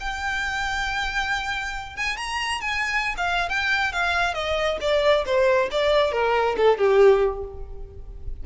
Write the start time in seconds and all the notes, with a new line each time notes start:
0.00 G5
1.96 G#5
2.17 A#5
2.61 G#5
3.17 F5
3.49 G5
3.92 F5
4.34 D#5
4.81 D5
5.25 C5
5.71 D5
6.12 A#4
6.57 A4
6.78 G4